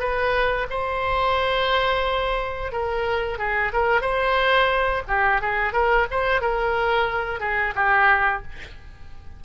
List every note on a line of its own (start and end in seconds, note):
0.00 0.67 B4
0.71 2.73 C5
2.73 3.39 A#4
3.39 3.72 G#4
3.73 4.02 A#4
4.02 5.03 C5
5.08 5.42 G4
5.42 5.73 G#4
5.73 6.07 A#4
6.11 6.42 C5
6.42 7.41 A#4
7.41 7.74 G#4
7.76 8.43 G4